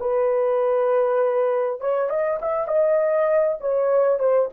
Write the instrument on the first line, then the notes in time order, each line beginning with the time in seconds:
horn
0.00 B4
1.80 C#5
2.09 D#5
2.42 E5
2.67 D#5
3.60 C#5
4.19 C5